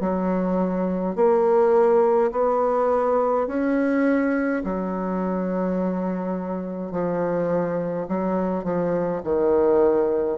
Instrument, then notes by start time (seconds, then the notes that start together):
bassoon
0.00 F#3
1.15 A#3
2.31 B3
3.47 C#4
4.64 F#3
6.91 F3
8.08 F#3
8.64 F3
9.23 D#3